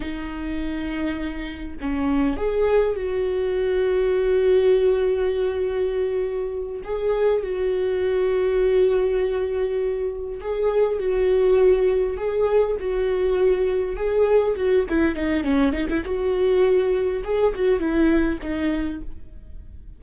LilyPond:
\new Staff \with { instrumentName = "viola" } { \time 4/4 \tempo 4 = 101 dis'2. cis'4 | gis'4 fis'2.~ | fis'2.~ fis'8 gis'8~ | gis'8 fis'2.~ fis'8~ |
fis'4. gis'4 fis'4.~ | fis'8 gis'4 fis'2 gis'8~ | gis'8 fis'8 e'8 dis'8 cis'8 dis'16 e'16 fis'4~ | fis'4 gis'8 fis'8 e'4 dis'4 | }